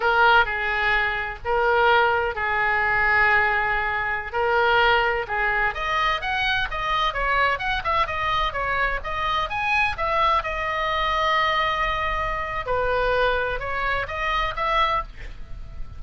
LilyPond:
\new Staff \with { instrumentName = "oboe" } { \time 4/4 \tempo 4 = 128 ais'4 gis'2 ais'4~ | ais'4 gis'2.~ | gis'4~ gis'16 ais'2 gis'8.~ | gis'16 dis''4 fis''4 dis''4 cis''8.~ |
cis''16 fis''8 e''8 dis''4 cis''4 dis''8.~ | dis''16 gis''4 e''4 dis''4.~ dis''16~ | dis''2. b'4~ | b'4 cis''4 dis''4 e''4 | }